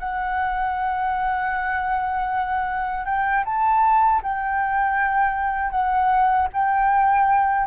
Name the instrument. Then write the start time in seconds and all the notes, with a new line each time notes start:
flute
0.00 F#5
3.06 G5
3.45 A5
4.23 G5
5.71 F#5
6.54 G5